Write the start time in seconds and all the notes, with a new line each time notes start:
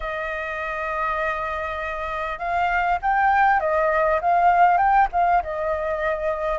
0.00 D#5
2.38 F5
3.02 G5
3.60 D#5
4.21 F5
4.77 G5
5.12 F5
5.42 D#5